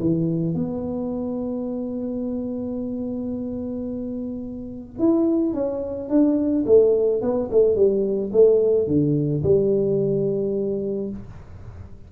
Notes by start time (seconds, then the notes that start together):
0.00 E3
0.54 B3
4.99 E4
5.54 C#4
6.09 D4
6.66 A3
7.21 B3
7.51 A3
7.76 G3
8.32 A3
8.87 D3
9.43 G3